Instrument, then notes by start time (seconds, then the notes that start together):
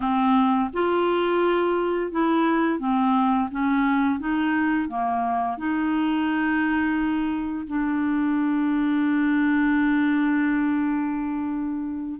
clarinet
0.00 C4
0.73 F4
2.11 E4
2.79 C4
3.51 C#4
4.19 D#4
4.88 A#3
5.57 D#4
7.67 D4